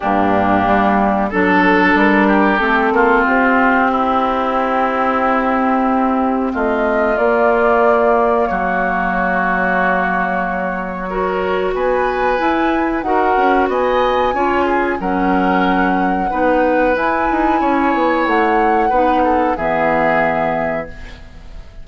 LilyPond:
<<
  \new Staff \with { instrumentName = "flute" } { \time 4/4 \tempo 4 = 92 g'2 a'4 ais'4 | a'4 g'2.~ | g'2 dis''4 d''4~ | d''4 cis''2.~ |
cis''2 gis''2 | fis''4 gis''2 fis''4~ | fis''2 gis''2 | fis''2 e''2 | }
  \new Staff \with { instrumentName = "oboe" } { \time 4/4 d'2 a'4. g'8~ | g'8 f'4. e'2~ | e'2 f'2~ | f'4 fis'2.~ |
fis'4 ais'4 b'2 | ais'4 dis''4 cis''8 gis'8 ais'4~ | ais'4 b'2 cis''4~ | cis''4 b'8 a'8 gis'2 | }
  \new Staff \with { instrumentName = "clarinet" } { \time 4/4 ais2 d'2 | c'1~ | c'2. ais4~ | ais1~ |
ais4 fis'2 e'4 | fis'2 f'4 cis'4~ | cis'4 dis'4 e'2~ | e'4 dis'4 b2 | }
  \new Staff \with { instrumentName = "bassoon" } { \time 4/4 g,4 g4 fis4 g4 | a8 ais8 c'2.~ | c'2 a4 ais4~ | ais4 fis2.~ |
fis2 b4 e'4 | dis'8 cis'8 b4 cis'4 fis4~ | fis4 b4 e'8 dis'8 cis'8 b8 | a4 b4 e2 | }
>>